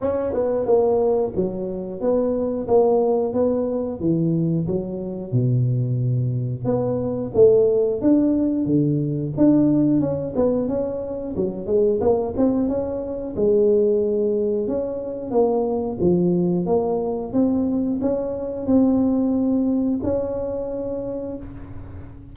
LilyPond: \new Staff \with { instrumentName = "tuba" } { \time 4/4 \tempo 4 = 90 cis'8 b8 ais4 fis4 b4 | ais4 b4 e4 fis4 | b,2 b4 a4 | d'4 d4 d'4 cis'8 b8 |
cis'4 fis8 gis8 ais8 c'8 cis'4 | gis2 cis'4 ais4 | f4 ais4 c'4 cis'4 | c'2 cis'2 | }